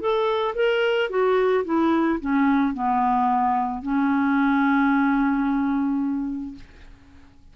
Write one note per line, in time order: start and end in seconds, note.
0.00 0.55 A4
0.55 1.10 A#4
1.10 1.64 F#4
1.65 2.19 E4
2.20 2.74 C#4
2.74 3.82 B3
3.82 6.55 C#4